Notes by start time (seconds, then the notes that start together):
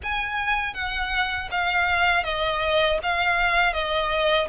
0.03 G#5
0.74 F#5
1.51 F5
2.23 D#5
3.02 F5
3.73 D#5